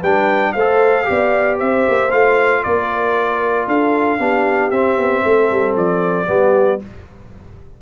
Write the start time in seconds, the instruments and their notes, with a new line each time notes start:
0.00 tuba G3, trombone D4, horn B4, trumpet G5
0.53 tuba A3, horn C5, trumpet F5
0.59 trombone A4
1.04 tuba B3, trombone G4, horn D5
1.59 tuba C4, horn C5, trumpet E5
1.89 tuba A#3
2.11 tuba A3, trombone F4, trumpet F5
2.63 tuba A#3, horn A#4, trumpet D5
3.68 tuba D4, horn A4, trumpet F5
4.19 tuba B3, trombone D4, horn G4
4.71 tuba C4, trombone C4, trumpet E5
4.97 tuba B3
5.23 tuba A3, horn A4
5.51 tuba G3
5.76 tuba F3, trumpet D5
6.27 tuba G3, trombone B3, horn G4